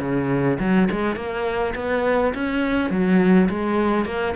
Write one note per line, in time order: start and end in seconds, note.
0.00 0.58 C#3
0.60 0.89 F#3
0.91 1.16 G#3
1.16 1.74 A#3
1.75 2.34 B3
2.34 2.90 C#4
2.90 3.48 F#3
3.50 4.06 G#3
4.06 4.35 A#3